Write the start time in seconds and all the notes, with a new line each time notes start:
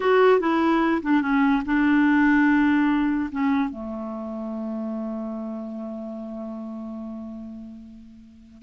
0.00 F#4
0.40 E4
1.02 D4
1.21 C#4
1.65 D4
3.31 C#4
3.69 A3